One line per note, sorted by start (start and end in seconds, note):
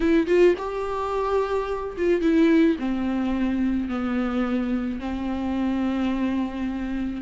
0.00 0.26 E4
0.26 0.54 F4
0.58 1.96 G4
1.97 2.21 F4
2.21 2.76 E4
2.79 3.89 C4
3.89 4.99 B3
4.99 7.21 C4